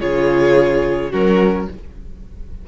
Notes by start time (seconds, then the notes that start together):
0.00 C#3 F4 G#4 C#5
1.10 F#3 C#4 F#4 A#4